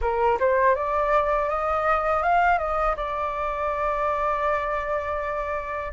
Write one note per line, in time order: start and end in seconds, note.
0.01 0.38 A#4
0.39 0.75 C5
0.75 1.48 D5
1.48 2.23 D#5
2.23 2.58 F5
2.58 2.95 D#5
2.96 5.92 D5